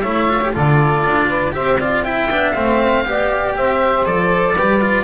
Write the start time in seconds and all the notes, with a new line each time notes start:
0.00 A3 E4 C#5 E5
0.28 F4
0.41 G4
0.51 D3 F4 A4 D5
1.05 D4
1.28 B4
1.52 C4 G4 C5 E5
1.78 F4 D5 F5
2.04 E4 E5 G5
2.30 B3 D4
2.51 A3 C4 F5
3.05 B3 G4 D5
3.56 C4 C5 E5
4.05 F3 A4 D5
4.54 G3 G4 B4
4.80 F4